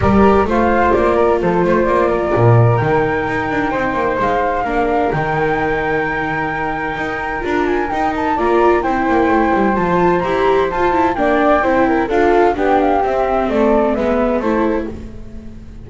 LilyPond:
<<
  \new Staff \with { instrumentName = "flute" } { \time 4/4 \tempo 4 = 129 d''4 f''4 d''4 c''4 | d''2 g''2~ | g''4 f''2 g''4~ | g''1 |
ais''8 gis''8 g''8 a''8 ais''4 g''4~ | g''4 a''4 ais''4 a''4 | g''2 f''4 g''8 f''8 | e''4 d''4 e''4 c''4 | }
  \new Staff \with { instrumentName = "flute" } { \time 4/4 ais'4 c''4. ais'8 a'8 c''8~ | c''8 ais'2.~ ais'8 | c''2 ais'2~ | ais'1~ |
ais'2 d''4 c''4~ | c''1 | d''4 c''8 ais'8 a'4 g'4~ | g'4 a'4 b'4 a'4 | }
  \new Staff \with { instrumentName = "viola" } { \time 4/4 g'4 f'2.~ | f'2 dis'2~ | dis'2 d'4 dis'4~ | dis'1 |
f'4 dis'4 f'4 e'4~ | e'4 f'4 g'4 f'8 e'8 | d'4 e'4 f'4 d'4 | c'2 b4 e'4 | }
  \new Staff \with { instrumentName = "double bass" } { \time 4/4 g4 a4 ais4 f8 a8 | ais4 ais,4 dis4 dis'8 d'8 | c'8 ais8 gis4 ais4 dis4~ | dis2. dis'4 |
d'4 dis'4 ais4 c'8 ais8 | a8 g8 f4 e'4 f'4 | ais4 c'4 d'4 b4 | c'4 a4 gis4 a4 | }
>>